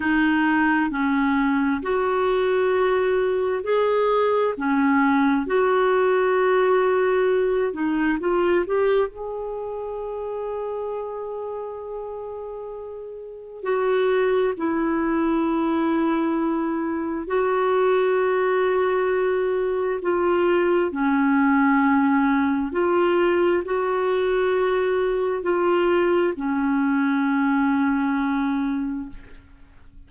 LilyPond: \new Staff \with { instrumentName = "clarinet" } { \time 4/4 \tempo 4 = 66 dis'4 cis'4 fis'2 | gis'4 cis'4 fis'2~ | fis'8 dis'8 f'8 g'8 gis'2~ | gis'2. fis'4 |
e'2. fis'4~ | fis'2 f'4 cis'4~ | cis'4 f'4 fis'2 | f'4 cis'2. | }